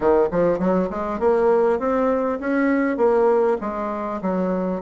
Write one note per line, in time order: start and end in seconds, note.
0.00 0.28 D#3
0.31 0.58 F3
0.58 0.88 F#3
0.90 1.19 G#3
1.19 1.79 A#3
1.79 2.39 C4
2.39 2.97 C#4
2.97 3.57 A#3
3.60 4.20 G#3
4.21 4.81 F#3